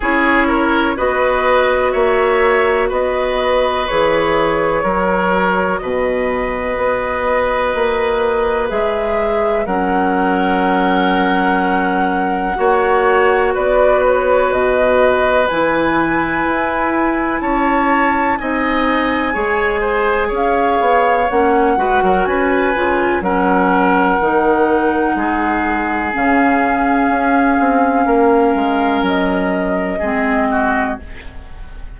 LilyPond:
<<
  \new Staff \with { instrumentName = "flute" } { \time 4/4 \tempo 4 = 62 cis''4 dis''4 e''4 dis''4 | cis''2 dis''2~ | dis''4 e''4 fis''2~ | fis''2 d''8 cis''8 dis''4 |
gis''2 a''4 gis''4~ | gis''4 f''4 fis''4 gis''4 | fis''2. f''4~ | f''2 dis''2 | }
  \new Staff \with { instrumentName = "oboe" } { \time 4/4 gis'8 ais'8 b'4 cis''4 b'4~ | b'4 ais'4 b'2~ | b'2 ais'2~ | ais'4 cis''4 b'2~ |
b'2 cis''4 dis''4 | cis''8 c''8 cis''4. b'16 ais'16 b'4 | ais'2 gis'2~ | gis'4 ais'2 gis'8 fis'8 | }
  \new Staff \with { instrumentName = "clarinet" } { \time 4/4 e'4 fis'2. | gis'4 fis'2.~ | fis'4 gis'4 cis'2~ | cis'4 fis'2. |
e'2. dis'4 | gis'2 cis'8 fis'4 f'8 | cis'4 dis'2 cis'4~ | cis'2. c'4 | }
  \new Staff \with { instrumentName = "bassoon" } { \time 4/4 cis'4 b4 ais4 b4 | e4 fis4 b,4 b4 | ais4 gis4 fis2~ | fis4 ais4 b4 b,4 |
e4 e'4 cis'4 c'4 | gis4 cis'8 b8 ais8 gis16 fis16 cis'8 cis8 | fis4 dis4 gis4 cis4 | cis'8 c'8 ais8 gis8 fis4 gis4 | }
>>